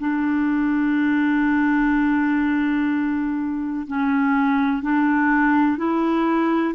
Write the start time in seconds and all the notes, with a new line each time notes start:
0.00 D4
3.88 C#4
4.83 D4
5.78 E4